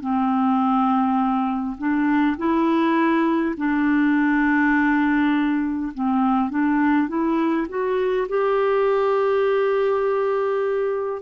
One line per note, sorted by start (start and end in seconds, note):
0.00 1.76 C4
1.78 2.36 D4
2.37 3.55 E4
3.57 5.92 D4
5.94 6.50 C4
6.50 7.08 D4
7.08 7.67 E4
7.68 8.27 F#4
8.28 11.22 G4